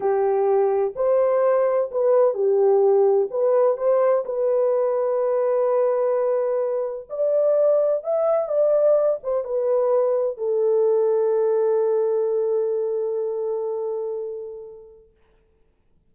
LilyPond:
\new Staff \with { instrumentName = "horn" } { \time 4/4 \tempo 4 = 127 g'2 c''2 | b'4 g'2 b'4 | c''4 b'2.~ | b'2. d''4~ |
d''4 e''4 d''4. c''8 | b'2 a'2~ | a'1~ | a'1 | }